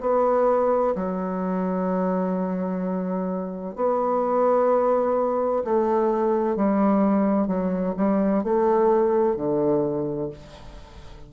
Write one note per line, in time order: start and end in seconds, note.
0.00 0.94 B3
0.95 3.75 F#3
3.75 5.63 B3
5.64 6.55 A3
6.55 7.47 G3
7.47 7.94 F#3
7.96 8.43 G3
8.43 9.36 A3
9.36 10.30 D3